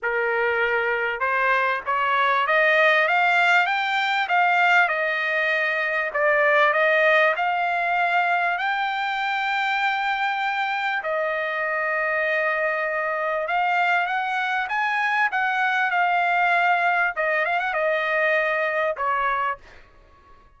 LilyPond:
\new Staff \with { instrumentName = "trumpet" } { \time 4/4 \tempo 4 = 98 ais'2 c''4 cis''4 | dis''4 f''4 g''4 f''4 | dis''2 d''4 dis''4 | f''2 g''2~ |
g''2 dis''2~ | dis''2 f''4 fis''4 | gis''4 fis''4 f''2 | dis''8 f''16 fis''16 dis''2 cis''4 | }